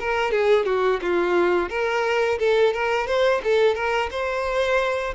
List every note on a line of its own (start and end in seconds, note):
0.00 0.31 A#4
0.31 0.66 G#4
0.66 1.00 F#4
1.02 1.70 F4
1.70 2.39 A#4
2.39 2.74 A4
2.74 3.07 A#4
3.07 3.42 C5
3.44 3.75 A4
3.75 4.10 A#4
4.11 5.14 C5